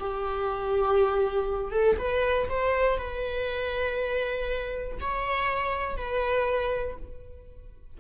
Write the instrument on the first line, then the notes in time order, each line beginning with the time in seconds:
viola
0.00 G4
1.72 A4
1.99 B4
2.49 C5
2.98 B4
5.01 C#5
5.97 B4